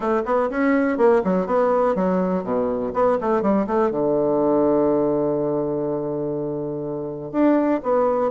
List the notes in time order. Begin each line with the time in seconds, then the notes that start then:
0.00 A3
0.25 B3
0.49 C#4
0.97 A#3
1.24 F#3
1.46 B3
1.95 F#3
2.43 B2
2.93 B3
3.20 A3
3.42 G3
3.66 A3
3.90 D3
7.32 D4
7.82 B3